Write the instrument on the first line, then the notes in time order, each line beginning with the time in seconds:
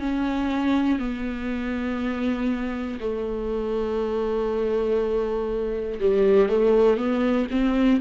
viola
0.00 C#4
0.99 B3
3.00 A3
6.00 G3
6.49 A3
6.97 B3
7.50 C4